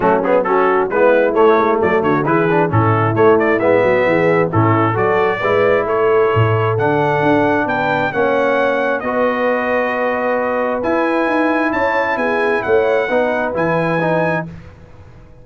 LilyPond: <<
  \new Staff \with { instrumentName = "trumpet" } { \time 4/4 \tempo 4 = 133 fis'8 gis'8 a'4 b'4 cis''4 | d''8 cis''8 b'4 a'4 cis''8 d''8 | e''2 a'4 d''4~ | d''4 cis''2 fis''4~ |
fis''4 g''4 fis''2 | dis''1 | gis''2 a''4 gis''4 | fis''2 gis''2 | }
  \new Staff \with { instrumentName = "horn" } { \time 4/4 cis'4 fis'4 e'2 | a'8 fis'8 gis'4 e'2~ | e'8 fis'8 gis'4 e'4 a'4 | b'4 a'2.~ |
a'4 b'4 cis''2 | b'1~ | b'2 cis''4 gis'4 | cis''4 b'2. | }
  \new Staff \with { instrumentName = "trombone" } { \time 4/4 a8 b8 cis'4 b4 a4~ | a4 e'8 d'8 cis'4 a4 | b2 cis'4 fis'4 | e'2. d'4~ |
d'2 cis'2 | fis'1 | e'1~ | e'4 dis'4 e'4 dis'4 | }
  \new Staff \with { instrumentName = "tuba" } { \time 4/4 fis2 gis4 a8 gis8 | fis8 d8 e4 a,4 a4 | gis8 fis8 e4 a,4 fis4 | gis4 a4 a,4 d4 |
d'4 b4 ais2 | b1 | e'4 dis'4 cis'4 b4 | a4 b4 e2 | }
>>